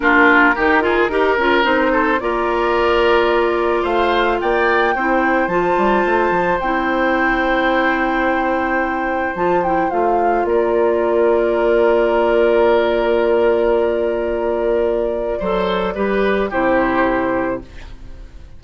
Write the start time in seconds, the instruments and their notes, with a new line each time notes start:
0.00 bassoon A#3, clarinet D4, oboe F4, flute A#4
0.55 bassoon D#3, clarinet D#4, oboe G4
0.81 clarinet F4, oboe G#4
1.09 bassoon D#4, clarinet G4, oboe A#4
1.37 bassoon C#4, clarinet F4
1.62 bassoon C4, clarinet D#4, flute C5
1.92 oboe A4
2.20 bassoon A#3, clarinet F4, oboe A#4, flute D5
3.82 bassoon A3, oboe C5, flute F5
4.40 bassoon A#3, oboe D5, flute G5
4.94 bassoon C4, clarinet E4, oboe C5
5.47 bassoon F3, clarinet F4, flute A5
5.77 bassoon G3
6.05 bassoon A3
6.30 bassoon F3
6.60 bassoon C4, clarinet E4, flute G5
9.35 bassoon F3, clarinet F4, flute A5
9.63 clarinet E4, flute G5
9.90 bassoon A3, clarinet F4, flute F5
10.44 bassoon A#3, oboe A#4, flute D5
15.39 bassoon F#3, clarinet A4, oboe C5
15.94 bassoon G3, clarinet G4, oboe B4
16.50 bassoon C3, clarinet E4, oboe G4, flute C5